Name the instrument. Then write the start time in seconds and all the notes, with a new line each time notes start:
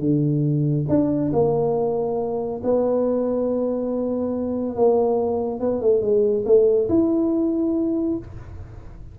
tuba
0.00 D3
0.89 D4
1.33 A#3
2.64 B3
4.76 A#3
5.60 B3
5.81 A3
6.02 G#3
6.46 A3
6.89 E4